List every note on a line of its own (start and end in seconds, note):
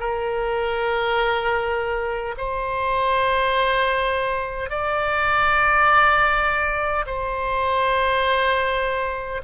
0.00 2.35 A#4
2.37 4.70 C5
4.70 7.05 D5
7.06 9.42 C5